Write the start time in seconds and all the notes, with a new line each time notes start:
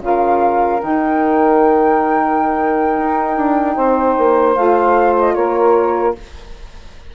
0.00 C#3 F4 A#4 F5
0.79 D#3 D#4 G5
2.97 D#4
3.36 D4
3.76 C4 C5
4.17 A#3
4.54 A3 F4 F5
5.19 D#5
5.34 A#3 A#4 C#5